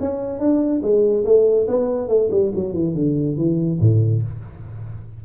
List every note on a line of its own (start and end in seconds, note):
0.00 0.39 C#4
0.39 0.81 D4
0.82 1.24 G#3
1.25 1.67 A3
1.68 2.09 B3
2.09 2.30 A3
2.31 2.52 G3
2.55 2.73 F#3
2.73 2.94 E3
2.95 3.37 D3
3.37 3.79 E3
3.80 4.23 A2